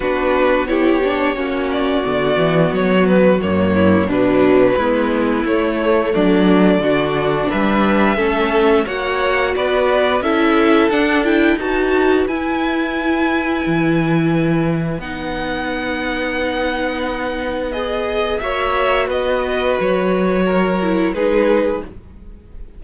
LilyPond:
<<
  \new Staff \with { instrumentName = "violin" } { \time 4/4 \tempo 4 = 88 b'4 cis''4. d''4. | cis''8 b'8 cis''4 b'2 | cis''4 d''2 e''4~ | e''4 fis''4 d''4 e''4 |
fis''8 g''8 a''4 gis''2~ | gis''2 fis''2~ | fis''2 dis''4 e''4 | dis''4 cis''2 b'4 | }
  \new Staff \with { instrumentName = "violin" } { \time 4/4 fis'4 g'4 fis'2~ | fis'4. e'8 d'4 e'4~ | e'4 d'4 fis'4 b'4 | a'4 cis''4 b'4 a'4~ |
a'4 b'2.~ | b'1~ | b'2. cis''4 | b'2 ais'4 gis'4 | }
  \new Staff \with { instrumentName = "viola" } { \time 4/4 d'4 e'8 d'8 cis'4 b4~ | b4 ais4 fis4 b4 | a2 d'2 | cis'4 fis'2 e'4 |
d'8 e'8 fis'4 e'2~ | e'2 dis'2~ | dis'2 gis'4 fis'4~ | fis'2~ fis'8 e'8 dis'4 | }
  \new Staff \with { instrumentName = "cello" } { \time 4/4 b2 ais4 d8 e8 | fis4 fis,4 b,4 gis4 | a4 fis4 d4 g4 | a4 ais4 b4 cis'4 |
d'4 dis'4 e'2 | e2 b2~ | b2. ais4 | b4 fis2 gis4 | }
>>